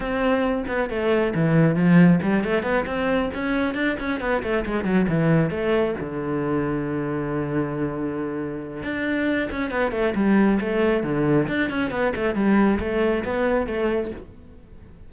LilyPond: \new Staff \with { instrumentName = "cello" } { \time 4/4 \tempo 4 = 136 c'4. b8 a4 e4 | f4 g8 a8 b8 c'4 cis'8~ | cis'8 d'8 cis'8 b8 a8 gis8 fis8 e8~ | e8 a4 d2~ d8~ |
d1 | d'4. cis'8 b8 a8 g4 | a4 d4 d'8 cis'8 b8 a8 | g4 a4 b4 a4 | }